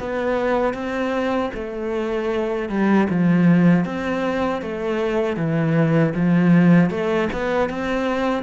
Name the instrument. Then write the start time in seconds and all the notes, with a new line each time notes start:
cello
0.00 B3
0.74 C4
1.54 A3
2.69 G3
3.10 F3
3.85 C4
4.62 A3
5.37 E3
6.15 F3
6.90 A3
7.33 B3
7.69 C4